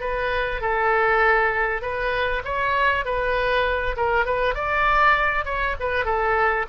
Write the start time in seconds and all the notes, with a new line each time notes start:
0.00 B4
0.61 A4
1.82 B4
2.45 C#5
3.05 B4
3.96 A#4
4.25 B4
4.55 D5
5.45 C#5
5.80 B4
6.05 A4